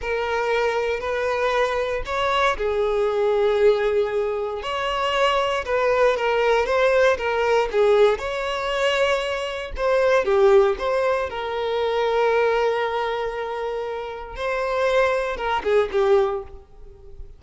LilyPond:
\new Staff \with { instrumentName = "violin" } { \time 4/4 \tempo 4 = 117 ais'2 b'2 | cis''4 gis'2.~ | gis'4 cis''2 b'4 | ais'4 c''4 ais'4 gis'4 |
cis''2. c''4 | g'4 c''4 ais'2~ | ais'1 | c''2 ais'8 gis'8 g'4 | }